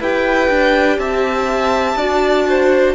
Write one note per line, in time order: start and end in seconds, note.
0.00 0.49 E4
0.00 1.99 G4
0.00 0.99 B4
0.00 1.00 G5
0.49 0.98 D4
0.98 1.96 C4
0.98 1.98 E5
0.98 2.95 A5
1.96 2.94 D4
1.96 2.95 F#4
1.96 2.47 D5
2.49 2.95 C5